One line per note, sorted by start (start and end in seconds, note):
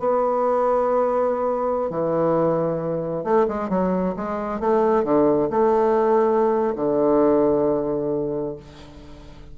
0.00 1.90 B3
1.90 3.24 E3
3.24 3.47 A3
3.48 3.70 G#3
3.70 4.15 F#3
4.17 4.61 G#3
4.61 5.05 A3
5.05 5.50 D3
5.51 6.75 A3
6.76 8.57 D3